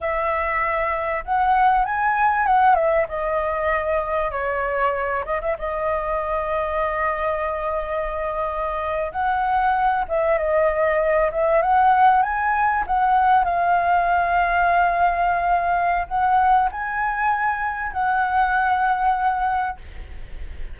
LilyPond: \new Staff \with { instrumentName = "flute" } { \time 4/4 \tempo 4 = 97 e''2 fis''4 gis''4 | fis''8 e''8 dis''2 cis''4~ | cis''8 dis''16 e''16 dis''2.~ | dis''2~ dis''8. fis''4~ fis''16~ |
fis''16 e''8 dis''4. e''8 fis''4 gis''16~ | gis''8. fis''4 f''2~ f''16~ | f''2 fis''4 gis''4~ | gis''4 fis''2. | }